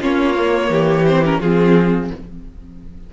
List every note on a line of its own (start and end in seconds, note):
0.00 0.69 A#3
0.00 0.34 C#4
0.00 0.70 F4
0.00 1.06 C#5
0.34 1.04 A#3
0.69 1.39 E3
0.69 1.39 G4
1.06 1.24 C4
1.06 1.24 C5
1.24 1.41 C#4
1.24 1.41 A#4
1.39 2.10 F3
1.39 2.13 C4
1.39 2.09 F4
1.39 2.11 G#4